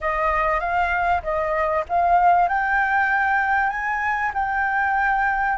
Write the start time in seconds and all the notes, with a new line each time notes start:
0.00 D#5
0.60 F5
1.22 D#5
1.89 F5
2.48 G5
3.69 G#5
4.34 G5